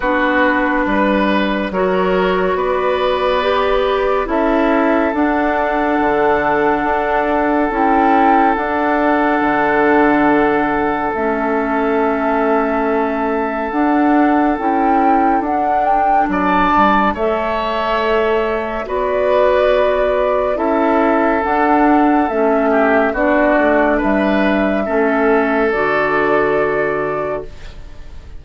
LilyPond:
<<
  \new Staff \with { instrumentName = "flute" } { \time 4/4 \tempo 4 = 70 b'2 cis''4 d''4~ | d''4 e''4 fis''2~ | fis''4 g''4 fis''2~ | fis''4 e''2. |
fis''4 g''4 fis''8 g''8 a''4 | e''2 d''2 | e''4 fis''4 e''4 d''4 | e''2 d''2 | }
  \new Staff \with { instrumentName = "oboe" } { \time 4/4 fis'4 b'4 ais'4 b'4~ | b'4 a'2.~ | a'1~ | a'1~ |
a'2. d''4 | cis''2 b'2 | a'2~ a'8 g'8 fis'4 | b'4 a'2. | }
  \new Staff \with { instrumentName = "clarinet" } { \time 4/4 d'2 fis'2 | g'4 e'4 d'2~ | d'4 e'4 d'2~ | d'4 cis'2. |
d'4 e'4 d'2 | a'2 fis'2 | e'4 d'4 cis'4 d'4~ | d'4 cis'4 fis'2 | }
  \new Staff \with { instrumentName = "bassoon" } { \time 4/4 b4 g4 fis4 b4~ | b4 cis'4 d'4 d4 | d'4 cis'4 d'4 d4~ | d4 a2. |
d'4 cis'4 d'4 fis8 g8 | a2 b2 | cis'4 d'4 a4 b8 a8 | g4 a4 d2 | }
>>